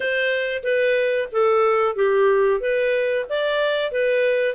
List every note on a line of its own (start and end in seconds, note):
0.00 0.62 C5
0.63 1.28 B4
1.32 1.95 A4
1.95 2.60 G4
2.60 3.25 B4
3.29 3.91 D5
3.91 4.54 B4